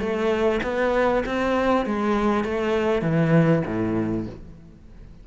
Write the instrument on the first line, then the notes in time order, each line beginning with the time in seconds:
cello
0.00 A3
0.64 B3
1.26 C4
1.86 G#3
2.45 A3
3.02 E3
3.66 A2